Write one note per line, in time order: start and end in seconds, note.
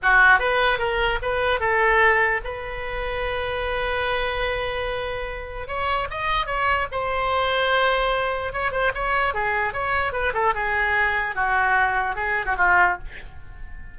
0.02 0.39 F#4
0.39 0.78 B4
0.78 1.18 A#4
1.21 1.59 B4
1.59 2.40 A4
2.43 5.67 B4
5.67 6.08 C#5
6.10 6.46 D#5
6.46 6.87 C#5
6.91 8.52 C5
8.52 8.71 C#5
8.71 8.92 C5
8.94 9.34 C#5
9.34 9.73 G#4
9.73 10.12 C#5
10.12 10.32 B4
10.33 10.54 A4
10.54 11.35 G#4
11.35 12.15 F#4
12.15 12.45 G#4
12.45 12.55 F#4
12.57 12.97 F4